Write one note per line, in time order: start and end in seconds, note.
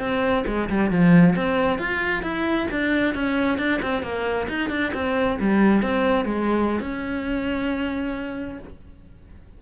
0.00 0.45 C4
0.47 0.70 G#3
0.70 0.91 G3
0.91 1.36 F3
1.36 1.79 C4
1.79 2.23 F4
2.23 2.68 E4
2.72 3.15 D4
3.15 3.59 C#4
3.59 3.81 D4
3.83 4.03 C4
4.03 4.48 A#3
4.49 4.70 D#4
4.70 4.93 D4
4.94 5.39 C4
5.41 5.82 G3
5.82 6.25 C4
6.25 6.81 G#3
6.81 8.60 C#4